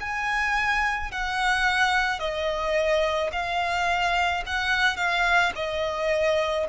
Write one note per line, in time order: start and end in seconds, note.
0.00 1.11 G#5
1.11 2.19 F#5
2.19 3.30 D#5
3.32 4.43 F5
4.46 4.96 F#5
4.96 5.52 F5
5.55 6.66 D#5